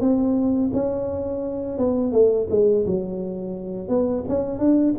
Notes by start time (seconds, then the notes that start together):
0.00 C4
0.73 C#4
1.78 B3
2.12 A3
2.50 G#3
2.86 F#3
3.88 B3
4.28 C#4
4.59 D4